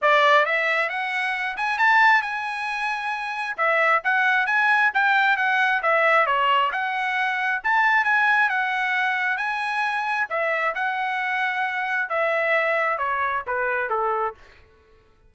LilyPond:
\new Staff \with { instrumentName = "trumpet" } { \time 4/4 \tempo 4 = 134 d''4 e''4 fis''4. gis''8 | a''4 gis''2. | e''4 fis''4 gis''4 g''4 | fis''4 e''4 cis''4 fis''4~ |
fis''4 a''4 gis''4 fis''4~ | fis''4 gis''2 e''4 | fis''2. e''4~ | e''4 cis''4 b'4 a'4 | }